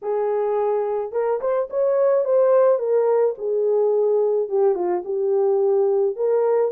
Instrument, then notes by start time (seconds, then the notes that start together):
horn
0.02 G#4
1.12 A#4
1.40 C5
1.70 C#5
2.24 C5
2.78 A#4
3.37 G#4
4.48 G4
4.75 F4
5.04 G4
6.15 A#4